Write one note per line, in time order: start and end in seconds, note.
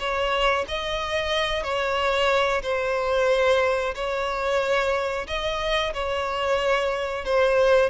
0.00 0.66 C#5
0.68 1.64 D#5
1.64 2.63 C#5
2.63 3.95 C5
3.95 5.27 C#5
5.27 5.93 D#5
5.94 7.25 C#5
7.25 7.90 C5